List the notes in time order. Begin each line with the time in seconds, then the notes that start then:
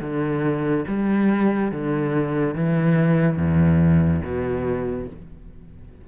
0.00 D3
0.88 G3
1.71 D3
2.55 E3
3.36 E2
4.22 B2